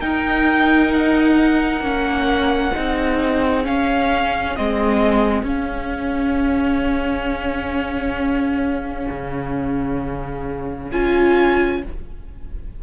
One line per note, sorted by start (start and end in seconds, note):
0.00 1.80 D#4
0.00 1.82 D#4
0.00 2.73 A#4
0.00 0.91 G5
0.93 3.65 F#5
1.80 2.71 A#3
1.80 2.73 C#4
2.73 3.67 C4
2.73 3.63 D#4
2.73 11.82 G#4
3.63 4.54 C#4
3.63 4.58 C#4
3.63 4.56 F5
4.56 5.42 G#3
4.56 5.43 C4
4.56 5.46 D#5
5.42 9.06 C#4
5.42 10.89 C#4
5.42 10.91 F5
9.10 10.92 C#3
10.91 11.83 C#4
10.91 11.82 F4
10.91 11.82 G#5